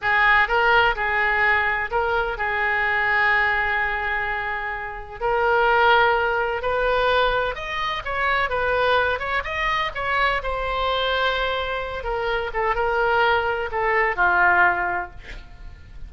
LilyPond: \new Staff \with { instrumentName = "oboe" } { \time 4/4 \tempo 4 = 127 gis'4 ais'4 gis'2 | ais'4 gis'2.~ | gis'2. ais'4~ | ais'2 b'2 |
dis''4 cis''4 b'4. cis''8 | dis''4 cis''4 c''2~ | c''4. ais'4 a'8 ais'4~ | ais'4 a'4 f'2 | }